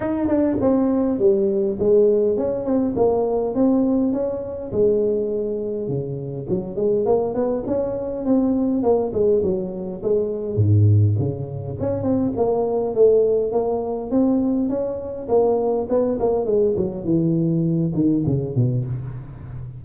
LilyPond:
\new Staff \with { instrumentName = "tuba" } { \time 4/4 \tempo 4 = 102 dis'8 d'8 c'4 g4 gis4 | cis'8 c'8 ais4 c'4 cis'4 | gis2 cis4 fis8 gis8 | ais8 b8 cis'4 c'4 ais8 gis8 |
fis4 gis4 gis,4 cis4 | cis'8 c'8 ais4 a4 ais4 | c'4 cis'4 ais4 b8 ais8 | gis8 fis8 e4. dis8 cis8 b,8 | }